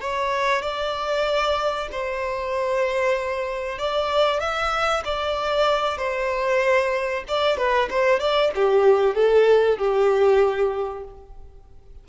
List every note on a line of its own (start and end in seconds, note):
0.00 0.62 C#5
0.62 1.88 D5
1.91 3.78 C5
3.78 4.40 D5
4.40 5.03 E5
5.04 5.97 D5
5.97 7.24 C5
7.28 7.57 D5
7.57 7.89 B4
7.90 8.19 C5
8.19 8.51 D5
8.55 9.15 G4
9.15 9.78 A4
9.78 11.04 G4